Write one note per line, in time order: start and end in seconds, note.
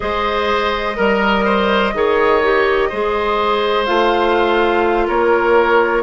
0.00 0.98 G#3
0.00 0.95 G#4
0.00 0.96 C5
0.00 3.86 D#5
0.96 1.93 G3
0.96 1.93 A#4
0.96 1.45 A#4
1.45 1.93 C5
1.93 2.90 D#3
1.93 2.42 G#4
1.93 2.89 C#5
2.43 2.91 G4
2.89 3.88 G#3
2.89 3.86 G#4
2.89 5.06 C5
3.86 5.08 A3
3.86 6.02 F4
3.86 5.07 F5
5.07 6.02 A#3
5.07 6.02 A#4
5.07 6.02 C#5